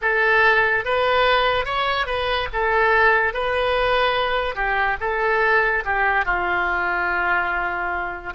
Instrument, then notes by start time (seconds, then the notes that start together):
oboe
0.01 A4
0.84 B4
1.65 C#5
2.06 B4
2.52 A4
3.33 B4
4.55 G4
5.00 A4
5.84 G4
6.25 F4